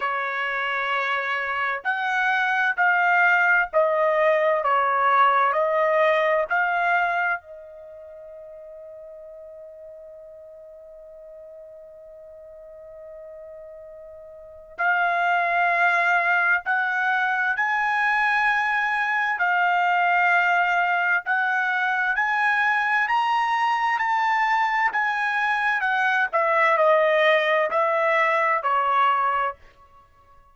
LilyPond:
\new Staff \with { instrumentName = "trumpet" } { \time 4/4 \tempo 4 = 65 cis''2 fis''4 f''4 | dis''4 cis''4 dis''4 f''4 | dis''1~ | dis''1 |
f''2 fis''4 gis''4~ | gis''4 f''2 fis''4 | gis''4 ais''4 a''4 gis''4 | fis''8 e''8 dis''4 e''4 cis''4 | }